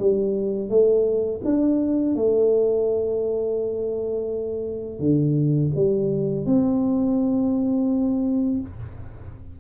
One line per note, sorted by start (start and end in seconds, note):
0.00 0.70 G3
0.70 1.41 A3
1.45 2.16 D4
2.16 5.00 A3
5.00 5.71 D3
5.76 6.46 G3
6.46 8.61 C4